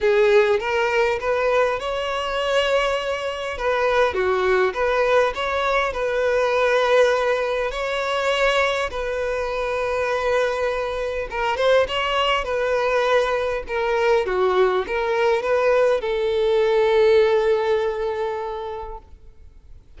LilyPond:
\new Staff \with { instrumentName = "violin" } { \time 4/4 \tempo 4 = 101 gis'4 ais'4 b'4 cis''4~ | cis''2 b'4 fis'4 | b'4 cis''4 b'2~ | b'4 cis''2 b'4~ |
b'2. ais'8 c''8 | cis''4 b'2 ais'4 | fis'4 ais'4 b'4 a'4~ | a'1 | }